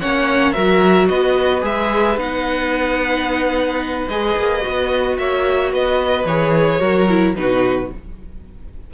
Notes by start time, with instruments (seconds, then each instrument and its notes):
0.00 cello A#3, viola C#4, violin C#5 F#5
0.53 cello F#3, viola F#4, violin A#4 E5
1.08 cello B3, violin B4 D#5
1.61 cello G#3, viola G#4, violin E5
2.16 cello B3, viola D#4, violin F#5
4.08 cello G#3, viola G#4, violin D#5
4.36 cello A#3
4.61 viola F#4
4.67 cello B3
5.17 cello A#3, violin C#5 E5
5.72 cello B3, violin B4 D#5
6.25 cello E3, viola G#4, violin C#5
6.80 cello F#3, viola F#4, violin A#4
7.09 viola E4
7.36 cello B2, viola D#4, violin F#4 B4